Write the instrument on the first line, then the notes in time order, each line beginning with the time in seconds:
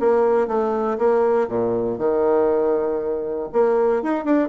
bassoon
0.00 A#3
0.48 A3
0.98 A#3
1.48 A#2
1.98 D#3
3.53 A#3
4.03 D#4
4.25 D4